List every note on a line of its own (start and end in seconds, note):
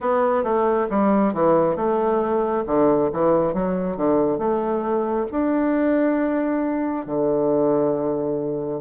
0.00 0.43 B3
0.43 0.87 A3
0.90 1.33 G3
1.33 1.76 E3
1.76 2.64 A3
2.66 3.10 D3
3.12 3.53 E3
3.53 3.97 F#3
3.97 4.38 D3
4.38 5.26 A3
5.31 7.06 D4
7.06 8.81 D3